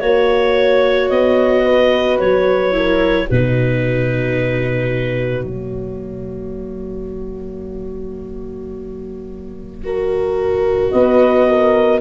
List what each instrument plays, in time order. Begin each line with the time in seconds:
0.00 tuba A#3, viola F#4, clarinet C#5, horn C#5
1.09 tuba B3, clarinet D#5
1.65 horn B4
2.19 tuba F#3, clarinet C#5
2.72 viola E4, horn A#4
3.26 tuba B2, horn F#4, clarinet B4
3.34 viola D#4
5.44 tuba F#3, viola A#3, clarinet C#5
9.84 viola F#4, horn A#4
10.91 tuba B3, horn B4, clarinet D#5
11.49 horn A#4